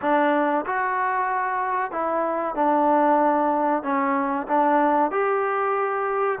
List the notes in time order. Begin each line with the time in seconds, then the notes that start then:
0.01 D4
0.65 F#4
1.91 E4
2.55 D4
3.83 C#4
4.47 D4
5.11 G4